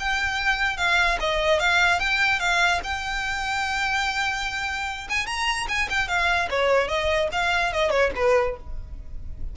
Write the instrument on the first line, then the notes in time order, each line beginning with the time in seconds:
violin
0.00 G5
0.78 F5
1.20 D#5
1.60 F5
2.00 G5
2.40 F5
2.84 G5
5.10 G#5
5.27 A#5
5.69 G#5
5.90 G5
6.08 F5
6.51 C#5
6.88 D#5
7.32 F5
7.73 D#5
7.91 C#5
8.16 B4